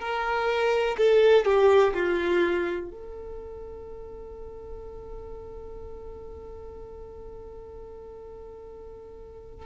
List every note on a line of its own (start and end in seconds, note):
0.00 0.97 A#4
0.98 1.45 A4
1.45 1.94 G4
1.94 2.90 F4
2.90 9.66 A4